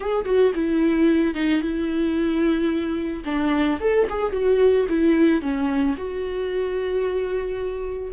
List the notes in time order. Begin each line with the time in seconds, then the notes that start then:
0.00 G#4
0.25 F#4
0.54 E4
1.34 D#4
1.61 E4
3.25 D4
3.80 A4
4.09 G#4
4.32 F#4
4.88 E4
5.41 C#4
5.97 F#4